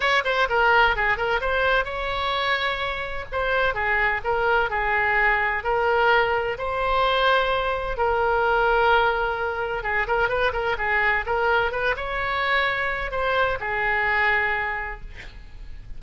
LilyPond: \new Staff \with { instrumentName = "oboe" } { \time 4/4 \tempo 4 = 128 cis''8 c''8 ais'4 gis'8 ais'8 c''4 | cis''2. c''4 | gis'4 ais'4 gis'2 | ais'2 c''2~ |
c''4 ais'2.~ | ais'4 gis'8 ais'8 b'8 ais'8 gis'4 | ais'4 b'8 cis''2~ cis''8 | c''4 gis'2. | }